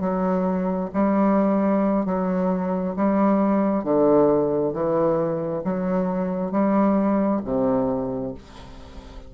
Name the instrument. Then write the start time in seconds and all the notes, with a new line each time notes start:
bassoon
0.00 F#3
0.94 G3
2.05 F#3
2.96 G3
3.83 D3
4.73 E3
5.64 F#3
6.51 G3
7.45 C3